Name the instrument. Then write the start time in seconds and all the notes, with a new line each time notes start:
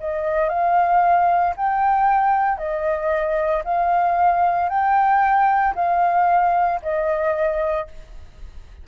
flute
0.00 D#5
0.49 F5
1.57 G5
2.58 D#5
3.65 F5
4.69 G5
5.76 F5
6.82 D#5